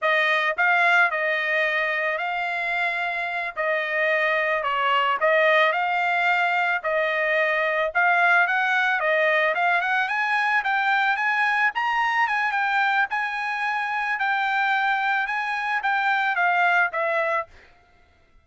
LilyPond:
\new Staff \with { instrumentName = "trumpet" } { \time 4/4 \tempo 4 = 110 dis''4 f''4 dis''2 | f''2~ f''8 dis''4.~ | dis''8 cis''4 dis''4 f''4.~ | f''8 dis''2 f''4 fis''8~ |
fis''8 dis''4 f''8 fis''8 gis''4 g''8~ | g''8 gis''4 ais''4 gis''8 g''4 | gis''2 g''2 | gis''4 g''4 f''4 e''4 | }